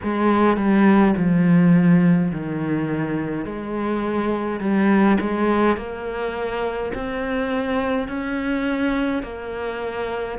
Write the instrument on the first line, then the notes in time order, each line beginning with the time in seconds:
cello
0.03 G#3
0.56 G3
1.16 F3
2.31 D#3
3.45 G#3
4.59 G3
5.20 G#3
5.76 A#3
6.94 C4
8.08 C#4
9.23 A#3